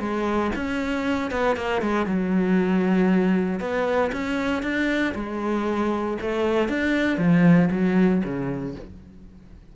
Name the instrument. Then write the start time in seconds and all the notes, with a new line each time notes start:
cello
0.00 G#3
0.56 C#4
1.31 B3
1.56 A#3
1.82 G#3
2.06 F#3
3.60 B3
4.12 C#4
4.63 D4
5.15 G#3
6.22 A3
6.69 D4
7.18 F3
7.72 F#3
8.24 C#3